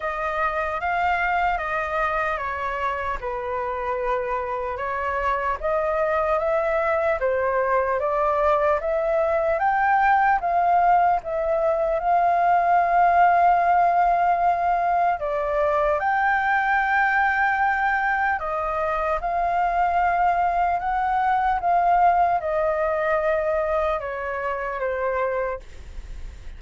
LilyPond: \new Staff \with { instrumentName = "flute" } { \time 4/4 \tempo 4 = 75 dis''4 f''4 dis''4 cis''4 | b'2 cis''4 dis''4 | e''4 c''4 d''4 e''4 | g''4 f''4 e''4 f''4~ |
f''2. d''4 | g''2. dis''4 | f''2 fis''4 f''4 | dis''2 cis''4 c''4 | }